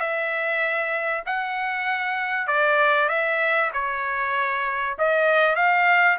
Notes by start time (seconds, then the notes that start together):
0.00 E5
1.26 F#5
2.47 D5
3.09 E5
3.73 C#5
4.98 D#5
5.56 F5